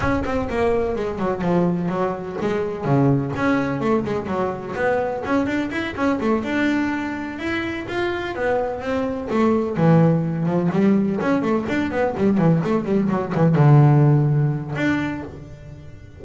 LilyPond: \new Staff \with { instrumentName = "double bass" } { \time 4/4 \tempo 4 = 126 cis'8 c'8 ais4 gis8 fis8 f4 | fis4 gis4 cis4 cis'4 | a8 gis8 fis4 b4 cis'8 d'8 | e'8 cis'8 a8 d'2 e'8~ |
e'8 f'4 b4 c'4 a8~ | a8 e4. f8 g4 cis'8 | a8 d'8 b8 g8 e8 a8 g8 fis8 | e8 d2~ d8 d'4 | }